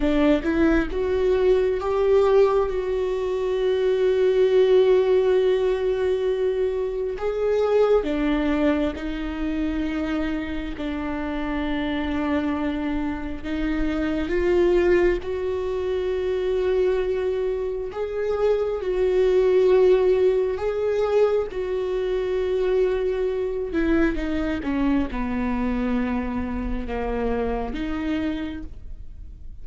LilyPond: \new Staff \with { instrumentName = "viola" } { \time 4/4 \tempo 4 = 67 d'8 e'8 fis'4 g'4 fis'4~ | fis'1 | gis'4 d'4 dis'2 | d'2. dis'4 |
f'4 fis'2. | gis'4 fis'2 gis'4 | fis'2~ fis'8 e'8 dis'8 cis'8 | b2 ais4 dis'4 | }